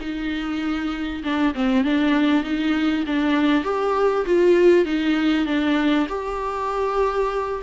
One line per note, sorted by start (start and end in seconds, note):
0.00 1.22 D#4
1.23 1.54 D4
1.54 1.84 C4
1.84 2.43 D4
2.43 3.04 D#4
3.06 3.64 D4
3.64 4.25 G4
4.26 4.85 F4
4.85 5.46 D#4
5.46 6.07 D4
6.09 7.62 G4